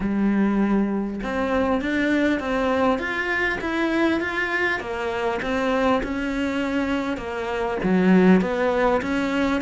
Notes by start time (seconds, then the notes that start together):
0.00 G3
1.23 C4
1.81 D4
2.39 C4
2.98 F4
3.61 E4
4.20 F4
4.80 A#3
5.42 C4
6.03 C#4
7.17 A#3
7.83 F#3
8.41 B3
9.01 C#4